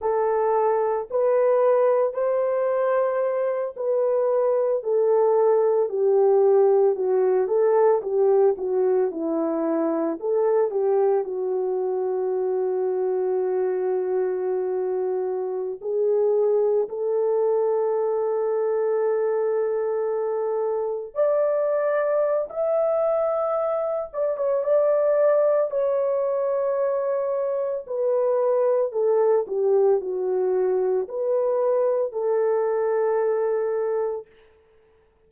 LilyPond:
\new Staff \with { instrumentName = "horn" } { \time 4/4 \tempo 4 = 56 a'4 b'4 c''4. b'8~ | b'8 a'4 g'4 fis'8 a'8 g'8 | fis'8 e'4 a'8 g'8 fis'4.~ | fis'2~ fis'8. gis'4 a'16~ |
a'2.~ a'8. d''16~ | d''4 e''4. d''16 cis''16 d''4 | cis''2 b'4 a'8 g'8 | fis'4 b'4 a'2 | }